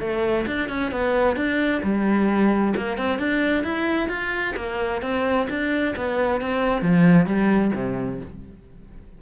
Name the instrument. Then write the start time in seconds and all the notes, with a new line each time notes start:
cello
0.00 A3
0.47 D4
0.69 C#4
0.92 B3
1.36 D4
1.83 G3
2.76 A#3
2.98 C4
3.19 D4
3.64 E4
4.09 F4
4.57 A#3
5.02 C4
5.50 D4
5.96 B3
6.41 C4
6.82 F3
7.26 G3
7.75 C3